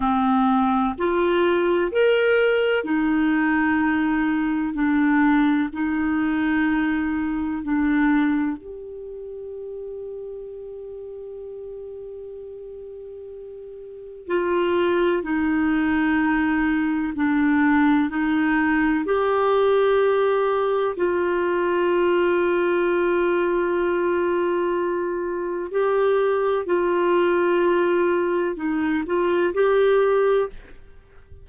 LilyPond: \new Staff \with { instrumentName = "clarinet" } { \time 4/4 \tempo 4 = 63 c'4 f'4 ais'4 dis'4~ | dis'4 d'4 dis'2 | d'4 g'2.~ | g'2. f'4 |
dis'2 d'4 dis'4 | g'2 f'2~ | f'2. g'4 | f'2 dis'8 f'8 g'4 | }